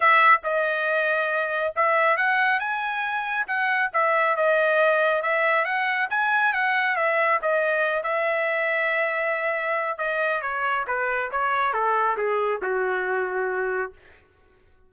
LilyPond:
\new Staff \with { instrumentName = "trumpet" } { \time 4/4 \tempo 4 = 138 e''4 dis''2. | e''4 fis''4 gis''2 | fis''4 e''4 dis''2 | e''4 fis''4 gis''4 fis''4 |
e''4 dis''4. e''4.~ | e''2. dis''4 | cis''4 b'4 cis''4 a'4 | gis'4 fis'2. | }